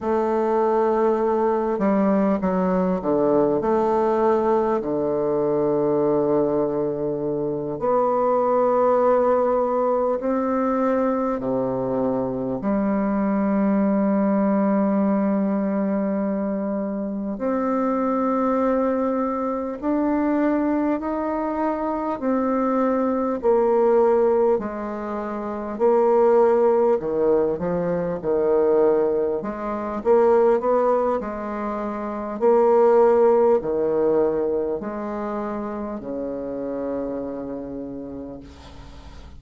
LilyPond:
\new Staff \with { instrumentName = "bassoon" } { \time 4/4 \tempo 4 = 50 a4. g8 fis8 d8 a4 | d2~ d8 b4.~ | b8 c'4 c4 g4.~ | g2~ g8 c'4.~ |
c'8 d'4 dis'4 c'4 ais8~ | ais8 gis4 ais4 dis8 f8 dis8~ | dis8 gis8 ais8 b8 gis4 ais4 | dis4 gis4 cis2 | }